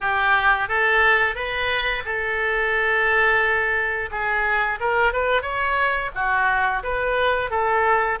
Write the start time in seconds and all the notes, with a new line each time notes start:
0.00 G4
0.68 A4
1.35 B4
2.05 A4
4.11 G#4
4.80 A#4
5.12 B4
5.42 C#5
6.14 F#4
6.83 B4
7.50 A4